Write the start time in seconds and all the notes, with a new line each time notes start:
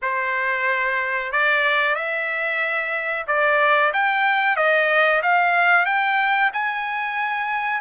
0.02 C5
1.32 D5
1.95 E5
3.27 D5
3.93 G5
4.56 D#5
5.22 F5
5.85 G5
6.53 G#5